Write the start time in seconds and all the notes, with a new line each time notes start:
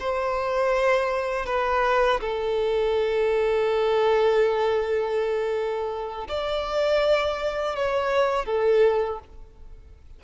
0.00 C5
1.46 B4
2.21 A4
6.28 D5
7.76 C#5
8.45 A4